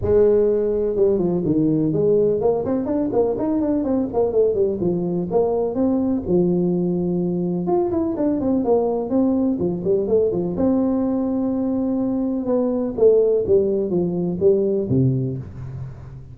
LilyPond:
\new Staff \with { instrumentName = "tuba" } { \time 4/4 \tempo 4 = 125 gis2 g8 f8 dis4 | gis4 ais8 c'8 d'8 ais8 dis'8 d'8 | c'8 ais8 a8 g8 f4 ais4 | c'4 f2. |
f'8 e'8 d'8 c'8 ais4 c'4 | f8 g8 a8 f8 c'2~ | c'2 b4 a4 | g4 f4 g4 c4 | }